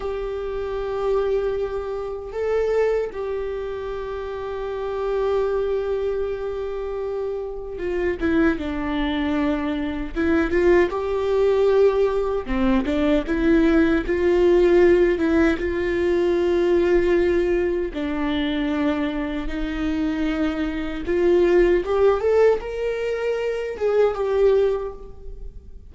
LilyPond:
\new Staff \with { instrumentName = "viola" } { \time 4/4 \tempo 4 = 77 g'2. a'4 | g'1~ | g'2 f'8 e'8 d'4~ | d'4 e'8 f'8 g'2 |
c'8 d'8 e'4 f'4. e'8 | f'2. d'4~ | d'4 dis'2 f'4 | g'8 a'8 ais'4. gis'8 g'4 | }